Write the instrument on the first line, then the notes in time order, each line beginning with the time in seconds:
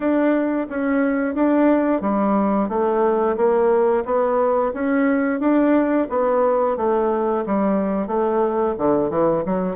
bassoon
0.00 D4
0.69 C#4
1.35 D4
2.01 G3
2.68 A3
3.36 A#3
4.04 B3
4.73 C#4
5.40 D4
6.09 B3
6.77 A3
7.46 G3
8.07 A3
8.78 D3
9.09 E3
9.45 F#3